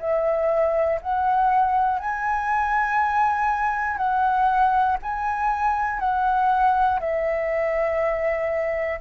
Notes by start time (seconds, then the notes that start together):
0.00 E5
1.01 F#5
2.00 G#5
3.97 F#5
5.03 G#5
6.00 F#5
7.00 E5